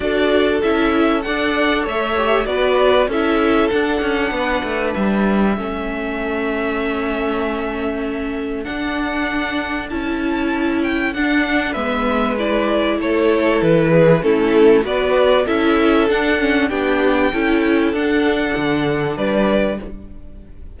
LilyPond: <<
  \new Staff \with { instrumentName = "violin" } { \time 4/4 \tempo 4 = 97 d''4 e''4 fis''4 e''4 | d''4 e''4 fis''2 | e''1~ | e''2 fis''2 |
a''4. g''8 fis''4 e''4 | d''4 cis''4 b'4 a'4 | d''4 e''4 fis''4 g''4~ | g''4 fis''2 d''4 | }
  \new Staff \with { instrumentName = "violin" } { \time 4/4 a'2 d''4 cis''4 | b'4 a'2 b'4~ | b'4 a'2.~ | a'1~ |
a'2. b'4~ | b'4 a'4. gis'8 e'4 | b'4 a'2 g'4 | a'2. b'4 | }
  \new Staff \with { instrumentName = "viola" } { \time 4/4 fis'4 e'4 a'4. g'8 | fis'4 e'4 d'2~ | d'4 cis'2.~ | cis'2 d'2 |
e'2 d'4 b4 | e'2. cis'4 | fis'4 e'4 d'8 cis'8 d'4 | e'4 d'2. | }
  \new Staff \with { instrumentName = "cello" } { \time 4/4 d'4 cis'4 d'4 a4 | b4 cis'4 d'8 cis'8 b8 a8 | g4 a2.~ | a2 d'2 |
cis'2 d'4 gis4~ | gis4 a4 e4 a4 | b4 cis'4 d'4 b4 | cis'4 d'4 d4 g4 | }
>>